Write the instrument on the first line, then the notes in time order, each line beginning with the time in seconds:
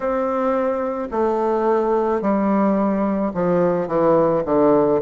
bassoon
0.00 C4
1.11 A3
2.21 G3
3.33 F3
3.87 E3
4.44 D3